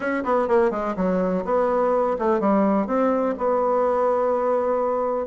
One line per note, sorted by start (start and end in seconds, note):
0.00 0.23 C#4
0.24 0.48 B3
0.48 0.70 A#3
0.70 0.94 G#3
0.96 1.44 F#3
1.44 2.16 B3
2.18 2.40 A3
2.40 2.87 G3
2.87 3.35 C4
3.38 5.26 B3